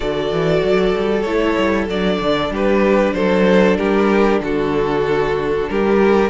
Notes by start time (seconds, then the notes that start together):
0.00 D3 F#4 A4 D5
0.31 E3
0.63 F#3
0.96 G3
1.22 A3 E4 C#5
1.58 G3
1.87 F#3 D4 D5
2.20 D3
2.50 G3 G4 B4
3.13 F#3 A4 C5
3.77 G3 G4 A#4
4.41 D3 F#4 A4
5.69 G3 G4 A#4